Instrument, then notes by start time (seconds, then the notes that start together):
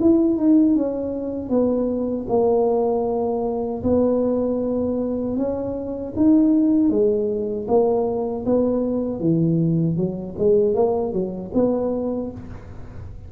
tuba
0.00 E4
0.37 D#4
0.75 C#4
1.49 B3
2.28 A#3
3.83 B3
5.36 C#4
6.16 D#4
6.90 G#3
7.67 A#3
8.45 B3
9.19 E3
9.96 F#3
10.38 G#3
10.74 A#3
11.12 F#3
11.54 B3